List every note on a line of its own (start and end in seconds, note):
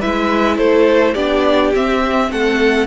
0.00 0.58 G#3
0.00 1.16 E4
0.00 0.57 B4
0.00 0.57 E5
0.57 1.15 A3
0.57 1.14 A4
0.57 1.15 C5
1.14 1.73 B3
1.14 1.73 D4
1.14 2.28 G4
1.14 1.72 D5
1.75 2.31 C4
1.75 2.87 C4
1.75 2.32 E5
2.31 2.87 A3
2.31 2.87 A4
2.31 2.87 F#5